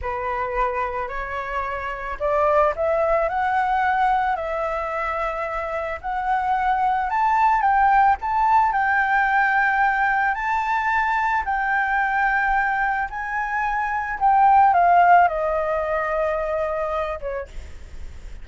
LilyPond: \new Staff \with { instrumentName = "flute" } { \time 4/4 \tempo 4 = 110 b'2 cis''2 | d''4 e''4 fis''2 | e''2. fis''4~ | fis''4 a''4 g''4 a''4 |
g''2. a''4~ | a''4 g''2. | gis''2 g''4 f''4 | dis''2.~ dis''8 cis''8 | }